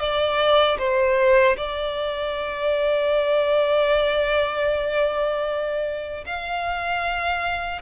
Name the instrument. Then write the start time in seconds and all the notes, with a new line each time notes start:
violin
0.00 D5
0.79 C5
1.57 D5
6.26 F5